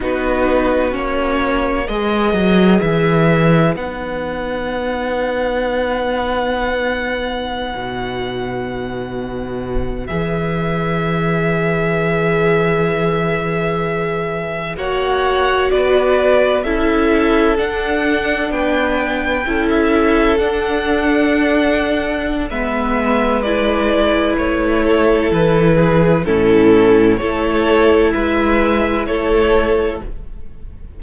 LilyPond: <<
  \new Staff \with { instrumentName = "violin" } { \time 4/4 \tempo 4 = 64 b'4 cis''4 dis''4 e''4 | fis''1~ | fis''2~ fis''8. e''4~ e''16~ | e''2.~ e''8. fis''16~ |
fis''8. d''4 e''4 fis''4 g''16~ | g''4 e''8. fis''2~ fis''16 | e''4 d''4 cis''4 b'4 | a'4 cis''4 e''4 cis''4 | }
  \new Staff \with { instrumentName = "violin" } { \time 4/4 fis'2 b'2~ | b'1~ | b'1~ | b'2.~ b'8. cis''16~ |
cis''8. b'4 a'2 b'16~ | b'8. a'2.~ a'16 | b'2~ b'8 a'4 gis'8 | e'4 a'4 b'4 a'4 | }
  \new Staff \with { instrumentName = "viola" } { \time 4/4 dis'4 cis'4 gis'2 | dis'1~ | dis'2~ dis'8. gis'4~ gis'16~ | gis'2.~ gis'8. fis'16~ |
fis'4.~ fis'16 e'4 d'4~ d'16~ | d'8. e'4 d'2~ d'16 | b4 e'2. | cis'4 e'2. | }
  \new Staff \with { instrumentName = "cello" } { \time 4/4 b4 ais4 gis8 fis8 e4 | b1~ | b16 b,2~ b,8 e4~ e16~ | e2.~ e8. ais16~ |
ais8. b4 cis'4 d'4 b16~ | b8. cis'4 d'2~ d'16 | gis2 a4 e4 | a,4 a4 gis4 a4 | }
>>